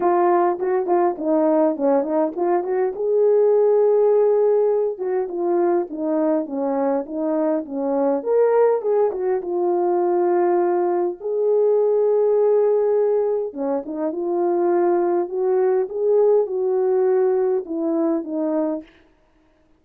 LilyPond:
\new Staff \with { instrumentName = "horn" } { \time 4/4 \tempo 4 = 102 f'4 fis'8 f'8 dis'4 cis'8 dis'8 | f'8 fis'8 gis'2.~ | gis'8 fis'8 f'4 dis'4 cis'4 | dis'4 cis'4 ais'4 gis'8 fis'8 |
f'2. gis'4~ | gis'2. cis'8 dis'8 | f'2 fis'4 gis'4 | fis'2 e'4 dis'4 | }